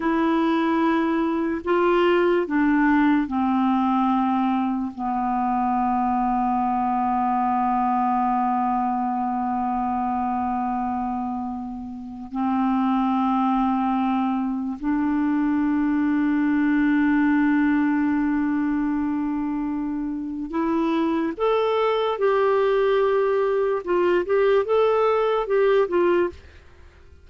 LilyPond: \new Staff \with { instrumentName = "clarinet" } { \time 4/4 \tempo 4 = 73 e'2 f'4 d'4 | c'2 b2~ | b1~ | b2. c'4~ |
c'2 d'2~ | d'1~ | d'4 e'4 a'4 g'4~ | g'4 f'8 g'8 a'4 g'8 f'8 | }